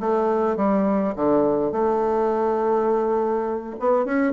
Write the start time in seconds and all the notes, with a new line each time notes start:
0.00 A3
0.56 G3
1.16 D3
1.72 A3
3.80 B3
4.05 C#4